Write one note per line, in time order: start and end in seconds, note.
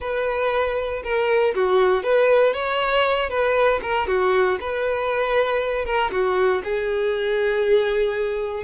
0.00 1.02 B4
1.03 1.54 A#4
1.54 2.03 F#4
2.03 2.53 B4
2.53 3.29 C#5
3.29 3.80 B4
3.82 4.07 A#4
4.07 4.58 F#4
4.60 5.85 B4
5.85 6.10 A#4
6.11 6.62 F#4
6.64 8.63 G#4